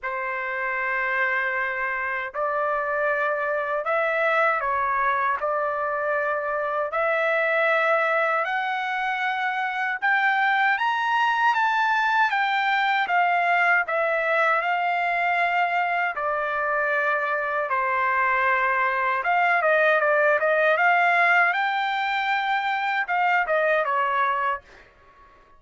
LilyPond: \new Staff \with { instrumentName = "trumpet" } { \time 4/4 \tempo 4 = 78 c''2. d''4~ | d''4 e''4 cis''4 d''4~ | d''4 e''2 fis''4~ | fis''4 g''4 ais''4 a''4 |
g''4 f''4 e''4 f''4~ | f''4 d''2 c''4~ | c''4 f''8 dis''8 d''8 dis''8 f''4 | g''2 f''8 dis''8 cis''4 | }